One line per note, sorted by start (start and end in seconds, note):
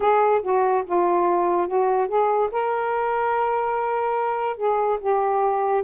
0.00 0.41 G#4
0.42 0.83 F#4
0.86 1.67 F4
1.67 2.08 F#4
2.08 2.49 G#4
2.51 4.56 A#4
4.56 4.98 G#4
5.00 5.83 G4